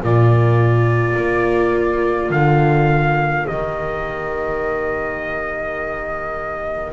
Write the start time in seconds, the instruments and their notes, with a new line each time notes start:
0.00 double bass A#2, cello A#3, viola F4, trumpet D5
1.16 double bass A#3
2.30 double bass D3, trumpet F5
3.48 double bass D#3, viola G4, trumpet D#5